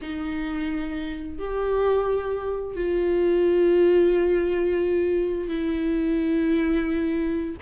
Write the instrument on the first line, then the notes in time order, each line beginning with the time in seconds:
viola
0.01 D#4
1.38 G4
2.75 F4
5.49 E4